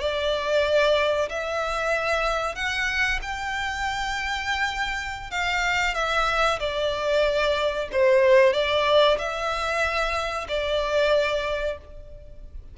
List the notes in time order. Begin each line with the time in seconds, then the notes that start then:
0.00 D5
1.29 E5
2.55 F#5
3.22 G5
5.31 F5
5.95 E5
6.60 D5
7.92 C5
8.53 D5
9.18 E5
10.49 D5